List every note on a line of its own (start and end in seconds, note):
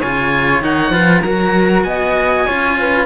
0.00 0.61 C#3
0.00 0.63 F4
0.00 0.92 C#5
0.00 0.63 G#5
0.61 0.90 D#3
0.61 0.93 D#4
0.61 1.22 F#5
0.90 1.20 F3
0.90 1.23 F4
0.90 1.22 B4
1.22 1.84 F#3
1.22 2.47 F#4
1.22 1.85 A#4
1.22 1.83 A#5
1.83 2.45 B3
1.83 2.46 D#5
1.83 3.06 G#5
2.46 3.06 C#4
2.46 3.06 F4
2.46 2.77 C#5
2.79 3.06 B4